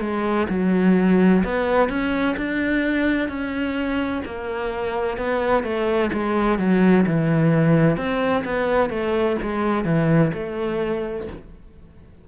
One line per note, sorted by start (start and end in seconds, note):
0.00 0.47 G#3
0.49 1.43 F#3
1.44 1.89 B3
1.89 2.36 C#4
2.37 3.28 D4
3.28 4.22 C#4
4.25 5.17 A#3
5.17 5.63 B3
5.63 6.10 A3
6.13 6.58 G#3
6.58 7.05 F#3
7.06 7.97 E3
7.97 8.44 C4
8.45 8.89 B3
8.89 9.36 A3
9.42 9.84 G#3
9.84 10.31 E3
10.33 11.27 A3